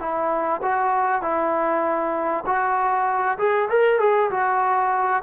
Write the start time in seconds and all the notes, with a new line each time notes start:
0.00 E4
0.62 F#4
1.22 E4
2.46 F#4
3.38 G#4
3.69 A#4
4.00 G#4
4.31 F#4